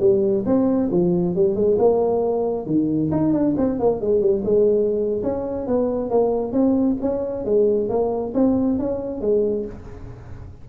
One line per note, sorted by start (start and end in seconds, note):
0.00 0.44 G3
0.46 0.91 C4
0.92 1.36 F3
1.36 1.56 G3
1.56 1.78 G#3
1.79 2.66 A#3
2.66 3.11 D#3
3.12 3.33 D#4
3.33 3.55 D4
3.58 3.80 C4
3.80 4.01 A#3
4.01 4.21 G#3
4.21 4.44 G3
4.45 5.23 G#3
5.23 5.67 C#4
5.67 6.10 B3
6.10 6.53 A#3
6.53 6.97 C4
7.01 7.45 C#4
7.45 7.89 G#3
7.89 8.34 A#3
8.35 8.79 C4
8.79 9.21 C#4
9.21 9.66 G#3